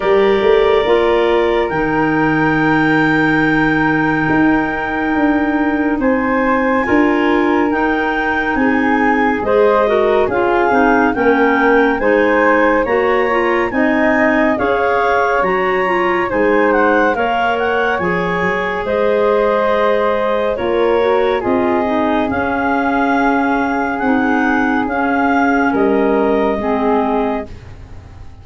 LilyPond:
<<
  \new Staff \with { instrumentName = "clarinet" } { \time 4/4 \tempo 4 = 70 d''2 g''2~ | g''2. gis''4~ | gis''4 g''4 gis''4 dis''4 | f''4 g''4 gis''4 ais''4 |
gis''4 f''4 ais''4 gis''8 fis''8 | f''8 fis''8 gis''4 dis''2 | cis''4 dis''4 f''2 | fis''4 f''4 dis''2 | }
  \new Staff \with { instrumentName = "flute" } { \time 4/4 ais'1~ | ais'2. c''4 | ais'2 gis'4 c''8 ais'8 | gis'4 ais'4 c''4 cis''4 |
dis''4 cis''2 c''4 | cis''2 c''2 | ais'4 gis'2.~ | gis'2 ais'4 gis'4 | }
  \new Staff \with { instrumentName = "clarinet" } { \time 4/4 g'4 f'4 dis'2~ | dis'1 | f'4 dis'2 gis'8 fis'8 | f'8 dis'8 cis'4 dis'4 fis'8 f'8 |
dis'4 gis'4 fis'8 f'8 dis'4 | ais'4 gis'2. | f'8 fis'8 f'8 dis'8 cis'2 | dis'4 cis'2 c'4 | }
  \new Staff \with { instrumentName = "tuba" } { \time 4/4 g8 a8 ais4 dis2~ | dis4 dis'4 d'4 c'4 | d'4 dis'4 c'4 gis4 | cis'8 c'8 ais4 gis4 ais4 |
c'4 cis'4 fis4 gis4 | ais4 f8 fis8 gis2 | ais4 c'4 cis'2 | c'4 cis'4 g4 gis4 | }
>>